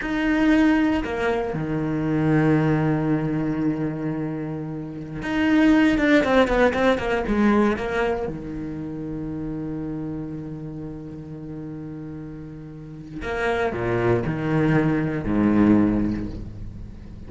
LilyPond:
\new Staff \with { instrumentName = "cello" } { \time 4/4 \tempo 4 = 118 dis'2 ais4 dis4~ | dis1~ | dis2~ dis16 dis'4. d'16~ | d'16 c'8 b8 c'8 ais8 gis4 ais8.~ |
ais16 dis2.~ dis8.~ | dis1~ | dis2 ais4 ais,4 | dis2 gis,2 | }